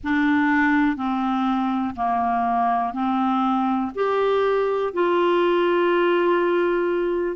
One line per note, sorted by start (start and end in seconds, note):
0.03 0.96 D4
0.96 1.94 C4
1.96 2.93 A#3
2.93 3.91 C4
3.94 4.93 G4
4.93 7.36 F4